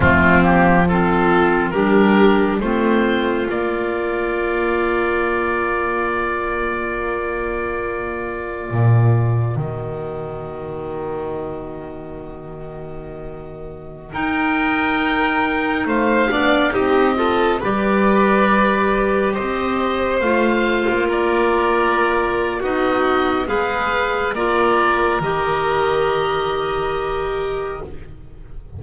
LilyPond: <<
  \new Staff \with { instrumentName = "oboe" } { \time 4/4 \tempo 4 = 69 f'8 g'8 a'4 ais'4 c''4 | d''1~ | d''2. dis''4~ | dis''1~ |
dis''16 g''2 f''4 dis''8.~ | dis''16 d''2 dis''4 f''8.~ | f''16 d''4.~ d''16 dis''4 f''4 | d''4 dis''2. | }
  \new Staff \with { instrumentName = "violin" } { \time 4/4 c'4 f'4 g'4 f'4~ | f'1~ | f'2. fis'4~ | fis'1~ |
fis'16 ais'2 c''8 d''8 g'8 a'16~ | a'16 b'2 c''4.~ c''16~ | c''16 ais'4.~ ais'16 fis'4 b'4 | ais'1 | }
  \new Staff \with { instrumentName = "clarinet" } { \time 4/4 a8 ais8 c'4 d'4 c'4 | ais1~ | ais1~ | ais1~ |
ais16 dis'2~ dis'8 d'8 dis'8 f'16~ | f'16 g'2. f'8.~ | f'2 dis'4 gis'4 | f'4 g'2. | }
  \new Staff \with { instrumentName = "double bass" } { \time 4/4 f2 g4 a4 | ais1~ | ais2 ais,4 dis4~ | dis1~ |
dis16 dis'2 a8 b8 c'8.~ | c'16 g2 c'4 a8. | ais2 b4 gis4 | ais4 dis2. | }
>>